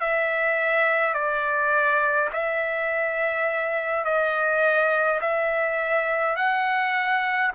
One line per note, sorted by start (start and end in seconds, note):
0.00 1.13 E5
1.13 2.29 D5
2.33 4.04 E5
4.04 5.20 D#5
5.21 6.36 E5
6.36 7.52 F#5